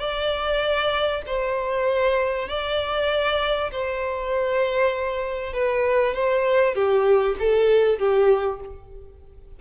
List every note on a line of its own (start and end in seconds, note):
0.00 1.22 D5
1.27 2.49 C5
2.49 3.71 D5
3.72 5.54 C5
5.54 6.15 B4
6.15 6.75 C5
6.75 7.36 G4
7.39 7.99 A4
7.99 8.60 G4